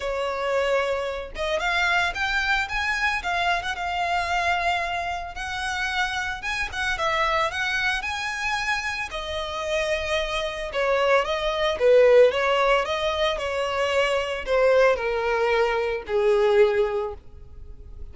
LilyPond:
\new Staff \with { instrumentName = "violin" } { \time 4/4 \tempo 4 = 112 cis''2~ cis''8 dis''8 f''4 | g''4 gis''4 f''8. fis''16 f''4~ | f''2 fis''2 | gis''8 fis''8 e''4 fis''4 gis''4~ |
gis''4 dis''2. | cis''4 dis''4 b'4 cis''4 | dis''4 cis''2 c''4 | ais'2 gis'2 | }